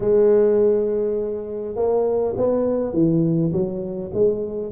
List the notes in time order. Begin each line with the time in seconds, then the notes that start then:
0.00 G#3
1.75 A#3
2.36 B3
2.93 E3
3.52 F#3
4.13 G#3